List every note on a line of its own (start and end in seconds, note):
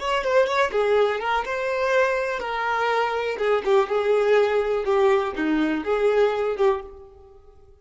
0.00 0.24 C#5
0.24 0.47 C5
0.47 0.72 C#5
0.73 1.21 G#4
1.21 1.45 A#4
1.46 2.40 C5
2.40 3.37 A#4
3.39 3.63 G#4
3.65 3.89 G4
3.89 4.85 G#4
4.85 5.34 G4
5.37 5.84 D#4
5.84 6.57 G#4
6.57 6.82 G4